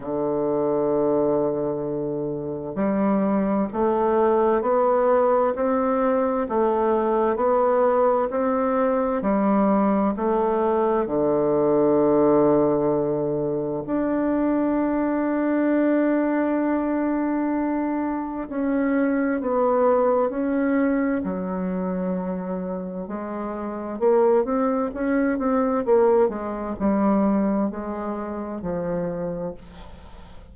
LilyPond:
\new Staff \with { instrumentName = "bassoon" } { \time 4/4 \tempo 4 = 65 d2. g4 | a4 b4 c'4 a4 | b4 c'4 g4 a4 | d2. d'4~ |
d'1 | cis'4 b4 cis'4 fis4~ | fis4 gis4 ais8 c'8 cis'8 c'8 | ais8 gis8 g4 gis4 f4 | }